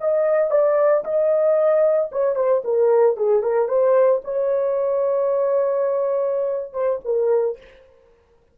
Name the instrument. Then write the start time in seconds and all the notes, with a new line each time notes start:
horn
0.00 D#5
0.51 D5
1.04 D#5
2.12 C#5
2.36 C5
2.64 A#4
3.17 G#4
3.43 A#4
3.68 C5
4.24 C#5
6.73 C5
7.05 A#4